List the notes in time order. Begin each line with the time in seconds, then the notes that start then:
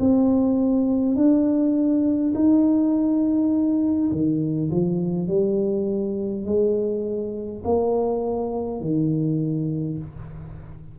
0.00 C4
1.16 D4
2.35 D#4
4.12 D#3
4.71 F3
5.28 G3
6.45 G#3
7.65 A#3
8.81 D#3